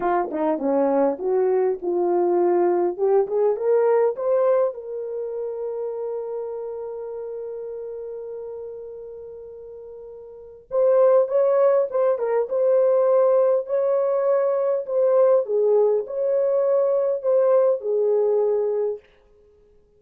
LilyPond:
\new Staff \with { instrumentName = "horn" } { \time 4/4 \tempo 4 = 101 f'8 dis'8 cis'4 fis'4 f'4~ | f'4 g'8 gis'8 ais'4 c''4 | ais'1~ | ais'1~ |
ais'2 c''4 cis''4 | c''8 ais'8 c''2 cis''4~ | cis''4 c''4 gis'4 cis''4~ | cis''4 c''4 gis'2 | }